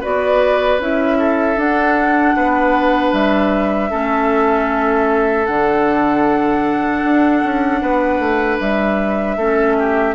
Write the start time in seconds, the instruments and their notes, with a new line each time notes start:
0.00 bassoon B3, clarinet F#4, oboe B4, flute D5
0.79 bassoon C#4, clarinet E4, flute E5
1.18 oboe A4
1.56 bassoon D4, clarinet D4, flute F#5
2.36 bassoon B3, oboe B4
3.12 bassoon G3, flute E5
3.90 bassoon A3, clarinet C#4, oboe A4
5.46 bassoon D3, clarinet D4, flute F#5
7.03 bassoon D4
7.44 bassoon C#4
7.81 bassoon B3, oboe B4
8.19 bassoon A3
8.60 bassoon G3, flute E5
9.37 bassoon A3, clarinet C#4, oboe A4
9.78 oboe G4